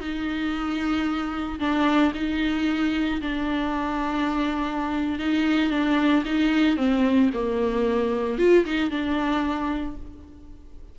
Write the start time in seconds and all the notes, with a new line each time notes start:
0.00 D#4
1.60 D4
2.14 D#4
3.21 D4
5.19 D#4
5.70 D4
6.25 D#4
6.77 C4
7.34 A#3
8.38 F4
8.65 D#4
8.90 D4